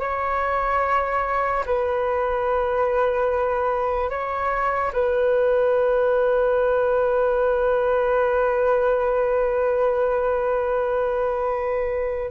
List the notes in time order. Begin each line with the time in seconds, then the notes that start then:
0.00 C#5
1.66 B4
4.10 C#5
4.93 B4